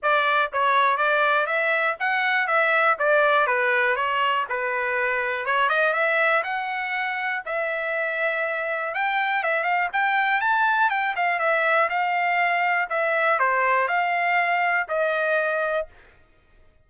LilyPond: \new Staff \with { instrumentName = "trumpet" } { \time 4/4 \tempo 4 = 121 d''4 cis''4 d''4 e''4 | fis''4 e''4 d''4 b'4 | cis''4 b'2 cis''8 dis''8 | e''4 fis''2 e''4~ |
e''2 g''4 e''8 f''8 | g''4 a''4 g''8 f''8 e''4 | f''2 e''4 c''4 | f''2 dis''2 | }